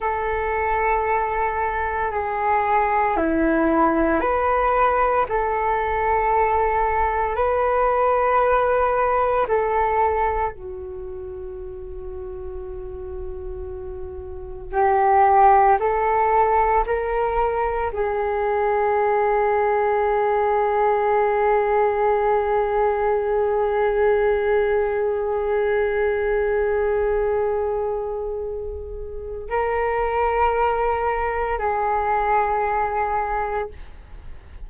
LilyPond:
\new Staff \with { instrumentName = "flute" } { \time 4/4 \tempo 4 = 57 a'2 gis'4 e'4 | b'4 a'2 b'4~ | b'4 a'4 fis'2~ | fis'2 g'4 a'4 |
ais'4 gis'2.~ | gis'1~ | gis'1 | ais'2 gis'2 | }